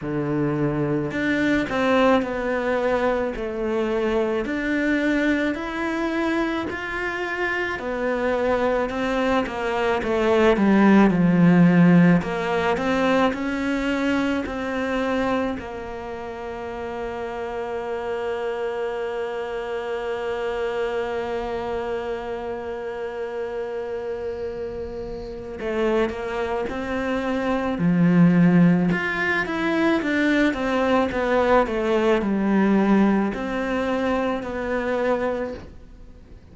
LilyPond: \new Staff \with { instrumentName = "cello" } { \time 4/4 \tempo 4 = 54 d4 d'8 c'8 b4 a4 | d'4 e'4 f'4 b4 | c'8 ais8 a8 g8 f4 ais8 c'8 | cis'4 c'4 ais2~ |
ais1~ | ais2. a8 ais8 | c'4 f4 f'8 e'8 d'8 c'8 | b8 a8 g4 c'4 b4 | }